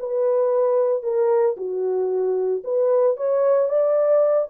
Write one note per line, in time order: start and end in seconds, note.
0.00 1.03 B4
1.03 1.56 A#4
1.57 2.63 F#4
2.64 3.17 B4
3.17 3.69 C#5
3.69 4.49 D5